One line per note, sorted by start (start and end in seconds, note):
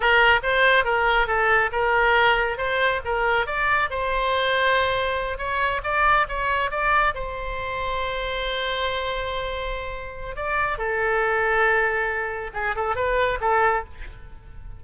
0.00 0.40 A#4
0.43 0.84 C5
0.84 1.27 A#4
1.27 1.70 A4
1.71 2.57 A#4
2.57 3.01 C5
3.04 3.46 A#4
3.46 3.89 D5
3.90 5.38 C5
5.38 5.81 C#5
5.83 6.26 D5
6.28 6.70 C#5
6.70 7.13 D5
7.14 10.35 C5
10.35 10.78 D5
10.78 12.50 A4
12.53 12.75 G#4
12.75 12.95 A4
12.95 13.38 B4
13.40 13.83 A4